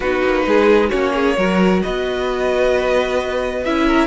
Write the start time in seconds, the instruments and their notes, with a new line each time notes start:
0.00 cello B3, viola D#4, violin F#4 B4
0.25 cello A#3
0.45 cello G#3, violin G#4
0.89 cello A#3, viola C#4, violin F#4 C#5
1.13 violin G#4
1.37 cello F#3, viola F#4, violin A#4
1.82 cello B3, violin B4 D#5
3.63 cello C#4, viola E4, violin E5
3.86 violin A#4